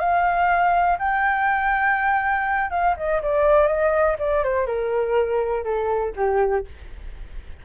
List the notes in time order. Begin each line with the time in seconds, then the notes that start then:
0.00 F5
0.99 G5
2.71 F5
2.97 D#5
3.23 D5
3.68 D#5
4.19 D5
4.44 C5
4.67 A#4
5.64 A4
6.16 G4